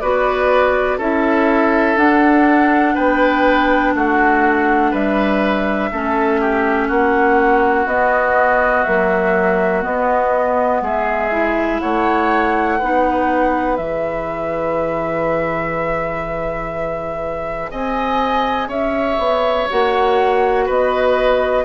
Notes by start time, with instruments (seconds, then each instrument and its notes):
0.00 bassoon B3, clarinet F#4, oboe B4, flute D5
0.98 bassoon C#4, clarinet E4, oboe A4, flute E5
1.97 bassoon D4, clarinet D4, flute F#5
2.94 bassoon B3, oboe B4, flute G5
3.94 bassoon A3, oboe F#4, flute F#5
4.91 bassoon G3, oboe B4, flute E5
5.92 bassoon A3, clarinet C#4, oboe A4
6.41 oboe G4
6.88 bassoon A#3, oboe F#4, flute F#5
7.86 bassoon B3, clarinet B3, flute D#5
8.84 clarinet F#3, bassoon A#3, flute E5
9.82 clarinet B3, bassoon B3, flute D#5
10.82 bassoon G#3, oboe G#4, flute E5
11.31 clarinet E4
11.80 bassoon A3, oboe C#5, flute F#5
12.79 bassoon B3, clarinet D#4, oboe B4
13.76 bassoon E3, clarinet G#4, flute E5
17.70 bassoon C4, oboe D#5, flute G#5
18.68 bassoon C#4, oboe C#5, flute E5
19.18 bassoon B3
19.70 bassoon A#3, clarinet F#4, flute F#5
20.65 bassoon B3, oboe B4, flute D#5